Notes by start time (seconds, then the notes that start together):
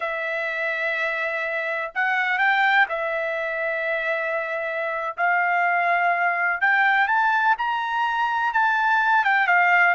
0.00 E5
1.94 F#5
2.38 G5
2.88 E5
5.17 F5
6.60 G5
7.07 A5
7.58 A#5
8.53 A5
9.24 G5
9.47 F5